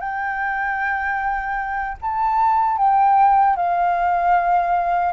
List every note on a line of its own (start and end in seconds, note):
0.00 1.97 G5
2.02 2.77 A5
2.77 3.56 G5
3.56 5.13 F5